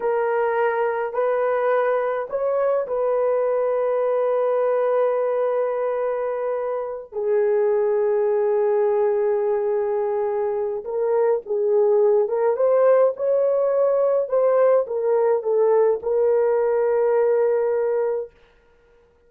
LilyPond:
\new Staff \with { instrumentName = "horn" } { \time 4/4 \tempo 4 = 105 ais'2 b'2 | cis''4 b'2.~ | b'1~ | b'8 gis'2.~ gis'8~ |
gis'2. ais'4 | gis'4. ais'8 c''4 cis''4~ | cis''4 c''4 ais'4 a'4 | ais'1 | }